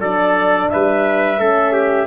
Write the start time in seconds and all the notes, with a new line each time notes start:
0.00 F#3 D4 A4 D5
0.69 G3 B4 E5
1.39 A3 C#4 A4
1.72 G4